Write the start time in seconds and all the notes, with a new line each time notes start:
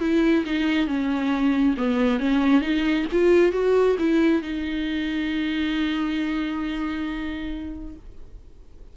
0.00 E4
0.45 D#4
0.87 C#4
1.77 B3
2.19 C#4
2.61 D#4
3.12 F4
3.52 F#4
3.99 E4
4.42 D#4